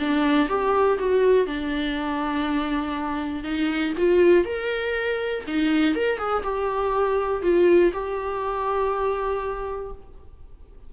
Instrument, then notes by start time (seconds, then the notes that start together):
viola
0.00 D4
0.49 G4
0.99 F#4
1.47 D4
3.44 D#4
3.98 F4
4.45 A#4
5.48 D#4
5.95 A#4
6.18 G#4
6.43 G4
7.43 F4
7.93 G4